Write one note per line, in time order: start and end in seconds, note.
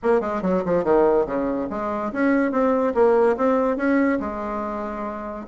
0.02 0.20 A#3
0.20 0.41 G#3
0.42 0.63 F#3
0.65 0.84 F3
0.84 1.26 D#3
1.26 1.68 C#3
1.70 2.12 G#3
2.12 2.51 C#4
2.51 2.93 C4
2.94 3.36 A#3
3.37 3.76 C4
3.76 4.18 C#4
4.20 5.45 G#3